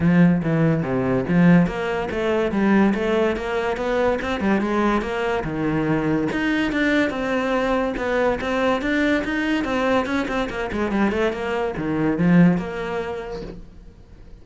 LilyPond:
\new Staff \with { instrumentName = "cello" } { \time 4/4 \tempo 4 = 143 f4 e4 c4 f4 | ais4 a4 g4 a4 | ais4 b4 c'8 g8 gis4 | ais4 dis2 dis'4 |
d'4 c'2 b4 | c'4 d'4 dis'4 c'4 | cis'8 c'8 ais8 gis8 g8 a8 ais4 | dis4 f4 ais2 | }